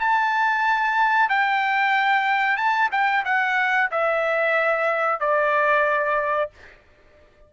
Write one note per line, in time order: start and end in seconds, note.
0.00 1.30 A5
1.30 2.57 G5
2.57 2.90 A5
2.92 3.25 G5
3.25 3.90 F#5
3.92 5.21 E5
5.21 6.51 D5